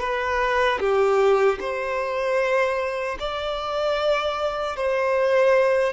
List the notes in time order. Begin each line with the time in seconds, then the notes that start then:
0.00 B4
0.80 G4
1.60 C5
3.19 D5
4.76 C5